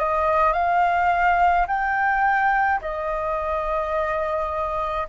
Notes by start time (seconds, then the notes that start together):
0.00 D#5
0.54 F5
1.68 G5
2.82 D#5